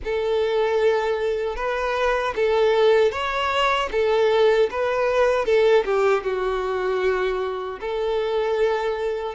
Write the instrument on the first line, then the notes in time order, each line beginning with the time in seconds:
violin
0.04 A4
1.56 B4
2.35 A4
3.11 C#5
3.91 A4
4.70 B4
5.45 A4
5.84 G4
6.23 F#4
7.80 A4